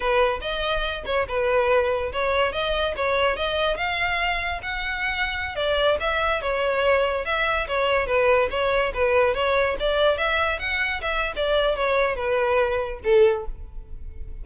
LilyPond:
\new Staff \with { instrumentName = "violin" } { \time 4/4 \tempo 4 = 143 b'4 dis''4. cis''8 b'4~ | b'4 cis''4 dis''4 cis''4 | dis''4 f''2 fis''4~ | fis''4~ fis''16 d''4 e''4 cis''8.~ |
cis''4~ cis''16 e''4 cis''4 b'8.~ | b'16 cis''4 b'4 cis''4 d''8.~ | d''16 e''4 fis''4 e''8. d''4 | cis''4 b'2 a'4 | }